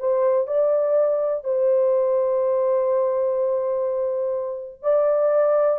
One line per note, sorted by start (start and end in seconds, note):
0.00 0.48 C5
0.48 1.45 D5
1.45 4.83 C5
4.83 5.80 D5